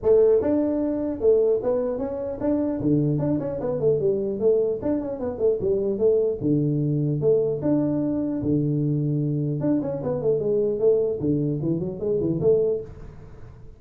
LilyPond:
\new Staff \with { instrumentName = "tuba" } { \time 4/4 \tempo 4 = 150 a4 d'2 a4 | b4 cis'4 d'4 d4 | d'8 cis'8 b8 a8 g4 a4 | d'8 cis'8 b8 a8 g4 a4 |
d2 a4 d'4~ | d'4 d2. | d'8 cis'8 b8 a8 gis4 a4 | d4 e8 fis8 gis8 e8 a4 | }